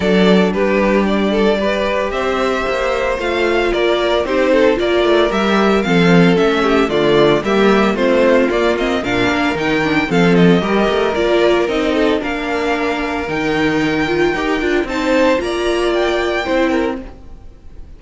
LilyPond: <<
  \new Staff \with { instrumentName = "violin" } { \time 4/4 \tempo 4 = 113 d''4 b'4 d''2 | e''2 f''4 d''4 | c''4 d''4 e''4 f''4 | e''4 d''4 e''4 c''4 |
d''8 dis''8 f''4 g''4 f''8 dis''8~ | dis''4 d''4 dis''4 f''4~ | f''4 g''2. | a''4 ais''4 g''2 | }
  \new Staff \with { instrumentName = "violin" } { \time 4/4 a'4 g'4. a'8 b'4 | c''2. ais'4 | g'8 a'8 ais'2 a'4~ | a'8 g'8 f'4 g'4 f'4~ |
f'4 ais'2 a'4 | ais'2~ ais'8 a'8 ais'4~ | ais'1 | c''4 d''2 c''8 ais'8 | }
  \new Staff \with { instrumentName = "viola" } { \time 4/4 d'2. g'4~ | g'2 f'2 | dis'4 f'4 g'4 c'4 | cis'4 a4 ais4 c'4 |
ais8 c'8 d'4 dis'8 d'8 c'4 | g'4 f'4 dis'4 d'4~ | d'4 dis'4. f'8 g'8 f'8 | dis'4 f'2 e'4 | }
  \new Staff \with { instrumentName = "cello" } { \time 4/4 fis4 g2. | c'4 ais4 a4 ais4 | c'4 ais8 a8 g4 f4 | a4 d4 g4 a4 |
ais4 ais,8 ais8 dis4 f4 | g8 a8 ais4 c'4 ais4~ | ais4 dis2 dis'8 d'8 | c'4 ais2 c'4 | }
>>